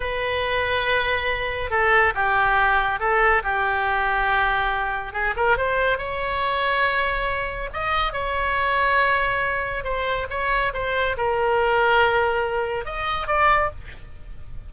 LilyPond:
\new Staff \with { instrumentName = "oboe" } { \time 4/4 \tempo 4 = 140 b'1 | a'4 g'2 a'4 | g'1 | gis'8 ais'8 c''4 cis''2~ |
cis''2 dis''4 cis''4~ | cis''2. c''4 | cis''4 c''4 ais'2~ | ais'2 dis''4 d''4 | }